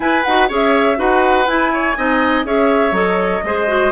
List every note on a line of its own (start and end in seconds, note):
0.00 0.23 E4
0.00 0.24 E4
0.00 0.48 B4
0.00 0.23 G#5
0.23 0.49 D#4
0.23 0.49 F#4
0.23 0.48 F#5
0.48 0.98 C#4
0.48 0.96 G#4
0.48 0.97 C#5
0.54 1.00 E5
0.96 1.47 D#4
0.96 1.45 F#4
0.96 1.72 B4
0.96 1.47 F#5
1.47 1.96 E4
1.47 2.45 G#5
1.73 1.97 C#5
1.96 2.44 C4
1.96 2.45 D#4
1.96 2.45 D#5
2.44 2.91 C#4
2.44 2.93 G#4
2.44 3.44 C#5
2.44 2.94 E5
2.91 3.40 F#3
2.91 3.42 A4
2.91 3.92 D#5
3.43 3.92 G#3
3.43 3.67 G#4
3.43 3.92 C5
3.67 3.91 F#4